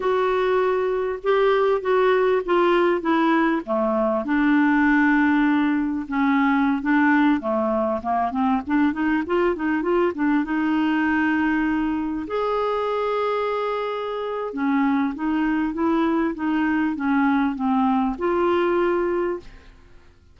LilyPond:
\new Staff \with { instrumentName = "clarinet" } { \time 4/4 \tempo 4 = 99 fis'2 g'4 fis'4 | f'4 e'4 a4 d'4~ | d'2 cis'4~ cis'16 d'8.~ | d'16 a4 ais8 c'8 d'8 dis'8 f'8 dis'16~ |
dis'16 f'8 d'8 dis'2~ dis'8.~ | dis'16 gis'2.~ gis'8. | cis'4 dis'4 e'4 dis'4 | cis'4 c'4 f'2 | }